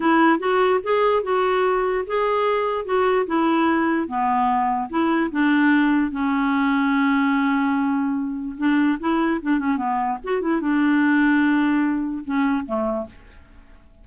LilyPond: \new Staff \with { instrumentName = "clarinet" } { \time 4/4 \tempo 4 = 147 e'4 fis'4 gis'4 fis'4~ | fis'4 gis'2 fis'4 | e'2 b2 | e'4 d'2 cis'4~ |
cis'1~ | cis'4 d'4 e'4 d'8 cis'8 | b4 fis'8 e'8 d'2~ | d'2 cis'4 a4 | }